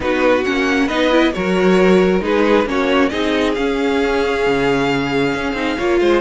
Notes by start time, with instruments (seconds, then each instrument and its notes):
0.00 cello B3, viola D#4, violin F#4 B4
0.44 cello A#3, viola C#4, violin F#5
0.86 cello B3, viola D#4, violin B4 D#5
1.10 viola E4
1.32 cello F#3, viola F#4, violin A#4 C#5
2.20 cello G#3, viola D#4, violin G#4 B4
2.65 cello A#3, viola C#4, violin F#4 C#5
3.09 cello C4, viola D#4, violin G#4 D#5
3.54 viola C#4, cello C#4, violin F5
4.46 cello C#3
5.34 cello C#4
5.53 cello C4, viola D#4
5.77 cello A#3, viola F4, violin C#5
6.00 cello G#3, violin C5